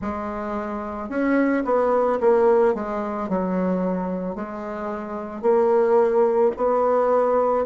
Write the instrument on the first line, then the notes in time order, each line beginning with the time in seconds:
bassoon
0.01 G#3
1.09 C#4
1.64 B3
2.20 A#3
2.74 G#3
3.28 F#3
4.35 G#3
5.41 A#3
6.57 B3